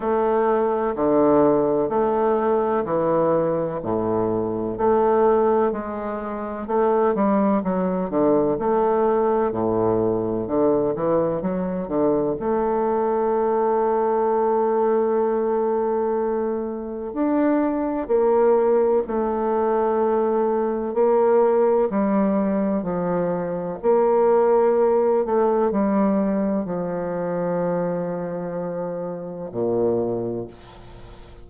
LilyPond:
\new Staff \with { instrumentName = "bassoon" } { \time 4/4 \tempo 4 = 63 a4 d4 a4 e4 | a,4 a4 gis4 a8 g8 | fis8 d8 a4 a,4 d8 e8 | fis8 d8 a2.~ |
a2 d'4 ais4 | a2 ais4 g4 | f4 ais4. a8 g4 | f2. ais,4 | }